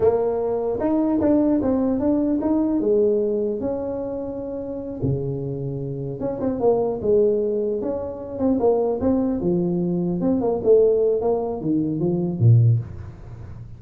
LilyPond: \new Staff \with { instrumentName = "tuba" } { \time 4/4 \tempo 4 = 150 ais2 dis'4 d'4 | c'4 d'4 dis'4 gis4~ | gis4 cis'2.~ | cis'8 cis2. cis'8 |
c'8 ais4 gis2 cis'8~ | cis'4 c'8 ais4 c'4 f8~ | f4. c'8 ais8 a4. | ais4 dis4 f4 ais,4 | }